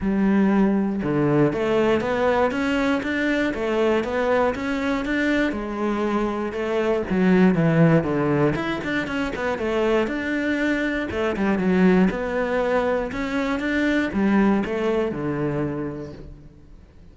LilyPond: \new Staff \with { instrumentName = "cello" } { \time 4/4 \tempo 4 = 119 g2 d4 a4 | b4 cis'4 d'4 a4 | b4 cis'4 d'4 gis4~ | gis4 a4 fis4 e4 |
d4 e'8 d'8 cis'8 b8 a4 | d'2 a8 g8 fis4 | b2 cis'4 d'4 | g4 a4 d2 | }